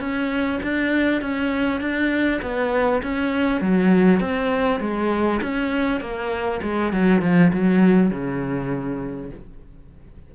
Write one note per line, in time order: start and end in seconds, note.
0.00 0.60 C#4
0.63 1.22 D4
1.22 1.81 C#4
1.81 2.41 D4
2.42 3.02 B3
3.03 3.61 C#4
3.61 4.21 F#3
4.21 4.81 C4
4.81 5.41 G#3
5.42 6.01 C#4
6.01 6.61 A#3
6.63 6.93 G#3
6.93 7.22 F#3
7.22 7.52 F3
7.53 8.11 F#3
8.11 9.31 C#3